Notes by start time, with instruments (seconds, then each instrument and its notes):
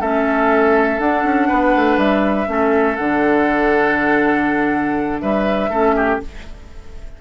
0.00 bassoon A3, clarinet C#4, oboe A4, flute E5
0.99 bassoon D4, clarinet D4, flute F#5
1.24 bassoon C#4
1.48 bassoon B3, oboe B4
1.75 bassoon A3
1.97 bassoon G3, flute E5
2.46 bassoon A3, clarinet C#4, oboe A4
2.96 bassoon D3, clarinet D4, flute F#5
5.20 bassoon G3, oboe B4, flute E5
5.69 bassoon A3, clarinet C#4, oboe A4
5.96 oboe G4